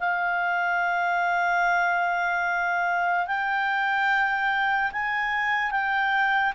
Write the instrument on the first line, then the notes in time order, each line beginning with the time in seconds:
clarinet
0.00 F5
3.27 G5
4.92 G#5
5.71 G5